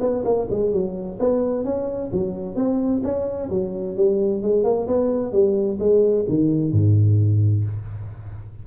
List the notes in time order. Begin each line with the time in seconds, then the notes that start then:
0.00 B3
0.24 A#3
0.50 G#3
0.72 F#3
1.19 B3
1.64 C#4
2.12 F#3
2.55 C4
3.03 C#4
3.50 F#3
3.96 G3
4.42 G#3
4.64 A#3
4.87 B3
5.32 G3
5.79 G#3
6.28 D#3
6.72 G#2